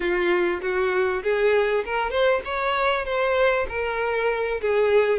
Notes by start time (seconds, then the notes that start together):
0.00 F4
0.61 F#4
1.23 G#4
1.85 A#4
2.10 C5
2.44 C#5
3.05 C5
3.68 A#4
4.61 G#4